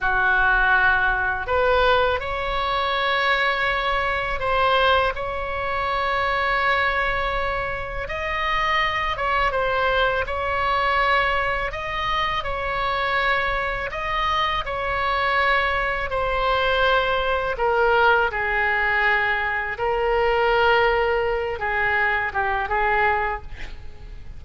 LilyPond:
\new Staff \with { instrumentName = "oboe" } { \time 4/4 \tempo 4 = 82 fis'2 b'4 cis''4~ | cis''2 c''4 cis''4~ | cis''2. dis''4~ | dis''8 cis''8 c''4 cis''2 |
dis''4 cis''2 dis''4 | cis''2 c''2 | ais'4 gis'2 ais'4~ | ais'4. gis'4 g'8 gis'4 | }